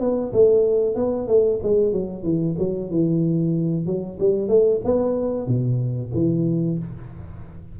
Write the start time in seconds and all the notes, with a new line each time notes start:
0.00 B3
0.33 A3
0.95 B3
1.27 A3
1.63 G#3
1.92 F#3
2.23 E3
2.58 F#3
2.90 E3
3.86 F#3
4.20 G3
4.48 A3
4.84 B3
5.47 B2
6.14 E3